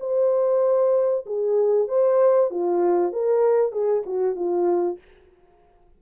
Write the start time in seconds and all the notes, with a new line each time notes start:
0.00 C5
1.26 G#4
1.88 C5
2.50 F4
3.12 A#4
3.72 G#4
4.06 F#4
4.36 F4